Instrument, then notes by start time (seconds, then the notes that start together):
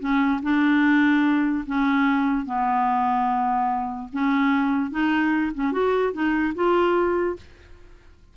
clarinet
0.00 C#4
0.43 D4
1.67 C#4
2.46 B3
4.13 C#4
4.91 D#4
5.55 C#4
5.73 F#4
6.13 D#4
6.55 F4